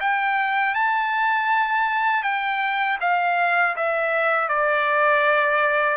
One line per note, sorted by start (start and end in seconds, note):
0.00 0.74 G5
0.74 2.23 A5
2.23 2.98 G5
3.01 3.76 F5
3.76 4.48 E5
4.48 5.97 D5